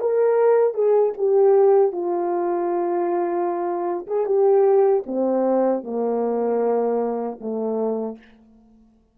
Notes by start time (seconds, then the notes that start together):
0.00 A#4
0.74 G#4
1.17 G4
1.92 F4
4.07 G#4
4.26 G4
5.06 C4
5.83 A#3
7.40 A3